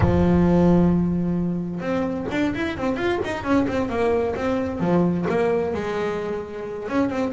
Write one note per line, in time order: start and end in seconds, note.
0.00 1.80 F3
1.80 2.26 C4
2.31 2.54 D4
2.55 2.77 E4
2.77 2.96 C4
2.96 3.19 F4
3.24 3.43 D#4
3.43 3.66 C#4
3.67 3.89 C4
3.89 4.35 A#3
4.35 4.79 C4
4.79 5.25 F3
5.29 5.74 A#3
5.74 6.88 G#3
6.88 7.09 C#4
7.09 7.32 C4